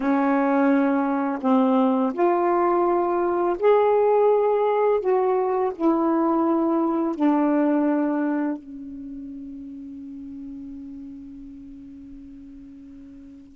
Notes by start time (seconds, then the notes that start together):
0.00 C#4
1.41 C4
2.13 F4
3.59 G#4
5.00 F#4
5.75 E4
7.15 D4
8.57 C#4